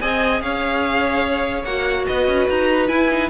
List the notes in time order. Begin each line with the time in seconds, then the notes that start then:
0.00 C4 G#4 D#5 G#5
0.41 C#4 C#5 F5
1.64 A#3 F#4 F#5
2.07 B3 B4 D#5
2.27 C#4
2.49 D#4 A#5
2.88 E4 G#5
3.10 D#4